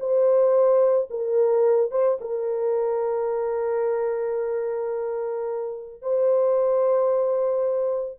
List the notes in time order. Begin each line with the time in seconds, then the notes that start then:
0.00 C5
1.11 A#4
1.91 C5
2.21 A#4
6.02 C5